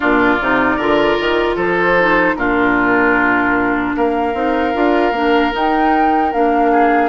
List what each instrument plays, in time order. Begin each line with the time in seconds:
0.00 bassoon A#2, clarinet D4, oboe F4, flute D5
0.41 bassoon C3, clarinet D#4
0.76 bassoon D3, clarinet F4, oboe A#4
1.19 bassoon D#3
1.56 bassoon F3, oboe A4, flute C5
2.00 clarinet D#4
2.35 bassoon A#2, clarinet D4, oboe F4, flute A#4
3.96 bassoon A#3, oboe A#4, flute F5
4.34 bassoon C4, clarinet D#4
4.73 bassoon D4, clarinet F4
5.11 bassoon A#3, clarinet D4
5.51 clarinet D#4, bassoon D#4, flute G5
6.32 bassoon A#3, clarinet D4, flute F5
6.71 oboe G#4